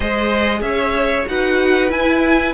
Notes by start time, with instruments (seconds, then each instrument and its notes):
0.00 cello G#3, viola G#4, violin C5 D#5
0.61 cello C#4, violin C#5 E5
1.26 cello D#4, viola F#4, violin B4 F#5
1.89 viola E4, cello E4, violin G#5